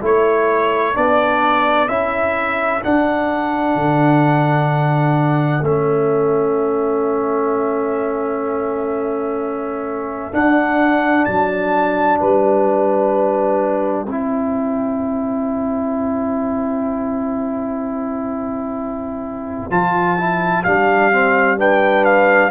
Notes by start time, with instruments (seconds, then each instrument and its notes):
0.00 tuba A3, trombone E4, horn A4, trumpet C#5
0.94 tuba B3, trombone D4, trumpet D5
1.88 tuba C#4, trombone E4, trumpet E5
2.82 trombone D4, tuba D4, trumpet F#5
3.75 tuba D3
5.62 tuba A3, trombone C#4, trumpet E5
10.31 trombone D4, tuba D4, trumpet F#5
11.25 tuba F#3, trumpet A5
12.19 tuba G3, horn B4, trumpet G5
14.05 tuba C4, trombone E4, horn C5
19.71 tuba F3, trombone F4, trumpet A5
20.17 trombone E4
20.63 tuba G3, trombone D4, trumpet F5
21.12 trombone C4
21.57 trombone D4, horn B4, trumpet G5
22.04 trumpet F5